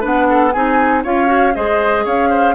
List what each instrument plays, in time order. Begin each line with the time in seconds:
0.00 bassoon B3, clarinet D4, oboe B4, flute F#5
0.29 oboe A4
0.52 bassoon C4, clarinet D#4, oboe G#4, flute G#5
1.03 bassoon C#4, clarinet F4, oboe C#5, flute F5
1.26 clarinet F#4
1.54 bassoon G#3, clarinet G#4, oboe C5, flute D#5
2.04 bassoon C#4, oboe C#5, flute F5
2.29 oboe C5